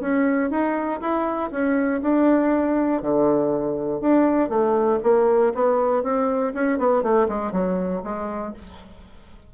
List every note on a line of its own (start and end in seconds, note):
0.00 0.50 C#4
0.50 1.00 D#4
1.00 1.50 E4
1.51 2.01 C#4
2.02 3.02 D4
3.02 4.00 D3
4.00 4.49 D4
4.49 4.99 A3
5.03 5.53 A#3
5.54 6.03 B3
6.03 6.53 C4
6.54 6.78 C#4
6.78 7.02 B3
7.02 7.27 A3
7.28 7.52 G#3
7.52 8.02 F#3
8.03 8.53 G#3